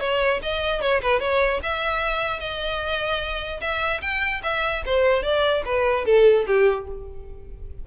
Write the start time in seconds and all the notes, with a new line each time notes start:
0.00 C#5
0.42 D#5
0.81 C#5
1.01 B4
1.20 C#5
1.63 E5
2.40 D#5
3.61 E5
4.01 G5
4.43 E5
4.86 C5
5.23 D5
5.65 B4
6.05 A4
6.47 G4